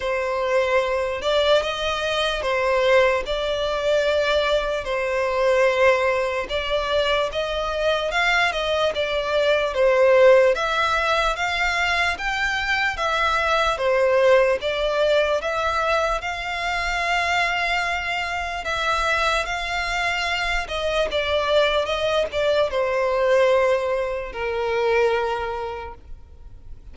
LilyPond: \new Staff \with { instrumentName = "violin" } { \time 4/4 \tempo 4 = 74 c''4. d''8 dis''4 c''4 | d''2 c''2 | d''4 dis''4 f''8 dis''8 d''4 | c''4 e''4 f''4 g''4 |
e''4 c''4 d''4 e''4 | f''2. e''4 | f''4. dis''8 d''4 dis''8 d''8 | c''2 ais'2 | }